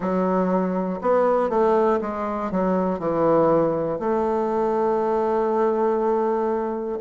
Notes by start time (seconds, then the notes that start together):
0.00 F#3
1.00 B3
1.50 A3
2.00 G#3
2.50 F#3
2.99 E3
3.99 A3